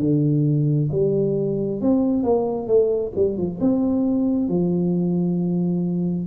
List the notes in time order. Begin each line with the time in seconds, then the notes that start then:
0.00 D3
0.92 G3
1.82 C4
2.23 A#3
2.67 A3
3.16 G3
3.37 F3
3.61 C4
4.49 F3